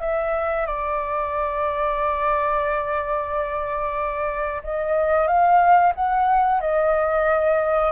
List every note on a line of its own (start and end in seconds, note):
0.00 0.66 E5
0.66 4.62 D5
4.63 5.27 D#5
5.27 5.93 F5
5.95 6.60 F#5
6.60 7.92 D#5